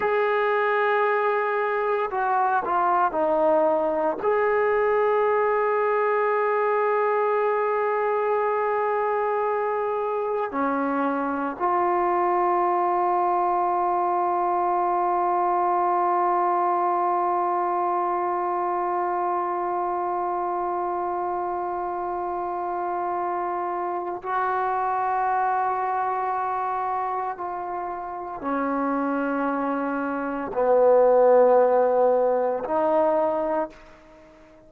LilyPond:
\new Staff \with { instrumentName = "trombone" } { \time 4/4 \tempo 4 = 57 gis'2 fis'8 f'8 dis'4 | gis'1~ | gis'2 cis'4 f'4~ | f'1~ |
f'1~ | f'2. fis'4~ | fis'2 f'4 cis'4~ | cis'4 b2 dis'4 | }